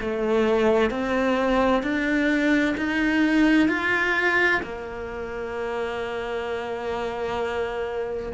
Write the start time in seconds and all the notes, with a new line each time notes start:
0.00 A3
0.90 C4
1.83 D4
2.77 D#4
3.68 F4
4.63 A#3